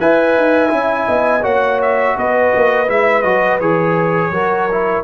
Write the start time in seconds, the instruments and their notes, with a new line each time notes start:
0.00 tuba E4, trombone B4, horn E5, trumpet G#5
0.37 tuba D#4
0.69 tuba C#4, trombone E4
1.07 tuba B3, horn D#5
1.42 tuba A#3, trombone F#4, horn C#5, trumpet F#5
1.82 trumpet E5
2.17 tuba B3, horn B4, trumpet D#5
2.55 tuba A#3
2.87 tuba G#3, trombone E4, trumpet E5
3.22 tuba F#3, trombone F#4, trumpet D#5
3.60 tuba E3, trombone G#4, trumpet C#5
4.31 tuba F#3, trombone F#4, horn A#4
4.72 trombone E4